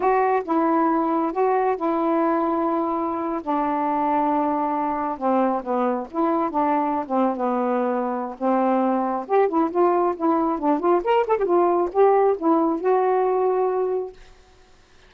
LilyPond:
\new Staff \with { instrumentName = "saxophone" } { \time 4/4 \tempo 4 = 136 fis'4 e'2 fis'4 | e'2.~ e'8. d'16~ | d'2.~ d'8. c'16~ | c'8. b4 e'4 d'4~ d'16 |
c'8. b2~ b16 c'4~ | c'4 g'8 e'8 f'4 e'4 | d'8 f'8 ais'8 a'16 g'16 f'4 g'4 | e'4 fis'2. | }